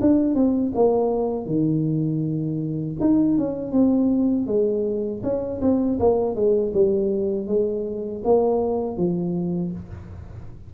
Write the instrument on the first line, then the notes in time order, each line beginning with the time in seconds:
tuba
0.00 D4
0.34 C4
0.75 A#3
1.46 D#3
3.00 D#4
3.38 C#4
3.72 C4
4.46 G#3
5.23 C#4
5.61 C4
5.99 A#3
6.35 G#3
6.73 G3
7.47 G#3
8.24 A#3
8.96 F3